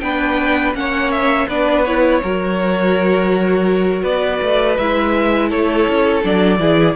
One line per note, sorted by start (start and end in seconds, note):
0.00 0.74 B3
0.00 0.75 D4
0.00 0.77 B4
0.00 0.73 G5
0.74 1.47 A#3
0.74 1.48 C#4
0.74 1.48 C#5
0.74 1.12 F#5
1.12 1.48 E5
1.48 2.21 B3
1.48 1.86 D4
1.48 2.21 B4
1.48 1.85 D5
1.85 2.23 E4
1.85 4.04 C#5
2.22 4.03 F#3
2.22 4.79 F#4
2.22 4.03 A#4
4.03 4.40 B3
4.03 5.49 B4
4.03 4.77 D5
4.42 4.79 A3
4.77 5.52 G#3
4.77 6.22 E4
4.77 5.50 E5
5.49 5.88 A3
5.49 6.59 A4
5.49 6.24 C#5
5.88 6.24 C#4
6.22 6.59 F#3
6.22 6.59 D4
6.22 6.96 D5
6.59 6.96 E3
6.59 6.96 E4
6.59 6.96 G#4